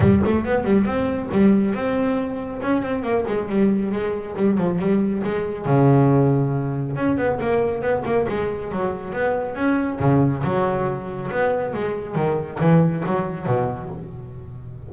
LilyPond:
\new Staff \with { instrumentName = "double bass" } { \time 4/4 \tempo 4 = 138 g8 a8 b8 g8 c'4 g4 | c'2 cis'8 c'8 ais8 gis8 | g4 gis4 g8 f8 g4 | gis4 cis2. |
cis'8 b8 ais4 b8 ais8 gis4 | fis4 b4 cis'4 cis4 | fis2 b4 gis4 | dis4 e4 fis4 b,4 | }